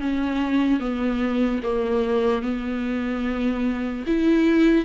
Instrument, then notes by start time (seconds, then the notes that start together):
viola
0.00 C#4
0.80 B3
1.63 A#3
2.43 B3
4.07 E4